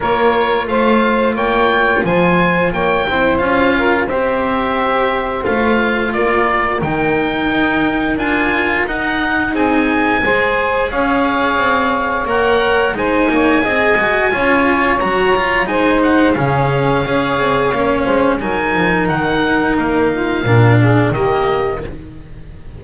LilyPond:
<<
  \new Staff \with { instrumentName = "oboe" } { \time 4/4 \tempo 4 = 88 cis''4 f''4 g''4 gis''4 | g''4 f''4 e''2 | f''4 d''4 g''2 | gis''4 fis''4 gis''2 |
f''2 fis''4 gis''4~ | gis''2 ais''4 gis''8 fis''8 | f''2. gis''4 | fis''4 f''2 dis''4 | }
  \new Staff \with { instrumentName = "saxophone" } { \time 4/4 ais'4 c''4 cis''4 c''4 | cis''8 c''4 ais'8 c''2~ | c''4 ais'2.~ | ais'2 gis'4 c''4 |
cis''2. c''8 cis''8 | dis''4 cis''2 c''4 | gis'4 cis''4. c''8 ais'4~ | ais'4. f'8 ais'8 gis'8 g'4 | }
  \new Staff \with { instrumentName = "cello" } { \time 4/4 f'1~ | f'8 e'8 f'4 g'2 | f'2 dis'2 | f'4 dis'2 gis'4~ |
gis'2 ais'4 dis'4 | gis'8 fis'8 f'4 fis'8 f'8 dis'4 | cis'4 gis'4 cis'4 dis'4~ | dis'2 d'4 ais4 | }
  \new Staff \with { instrumentName = "double bass" } { \time 4/4 ais4 a4 ais4 f4 | ais8 c'8 cis'4 c'2 | a4 ais4 dis4 dis'4 | d'4 dis'4 c'4 gis4 |
cis'4 c'4 ais4 gis8 ais8 | c'8 gis8 cis'4 fis4 gis4 | cis4 cis'8 c'8 ais8 gis8 fis8 f8 | dis4 ais4 ais,4 dis4 | }
>>